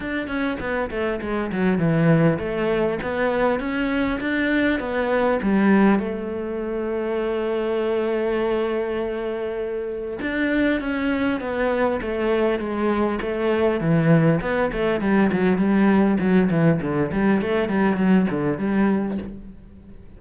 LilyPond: \new Staff \with { instrumentName = "cello" } { \time 4/4 \tempo 4 = 100 d'8 cis'8 b8 a8 gis8 fis8 e4 | a4 b4 cis'4 d'4 | b4 g4 a2~ | a1~ |
a4 d'4 cis'4 b4 | a4 gis4 a4 e4 | b8 a8 g8 fis8 g4 fis8 e8 | d8 g8 a8 g8 fis8 d8 g4 | }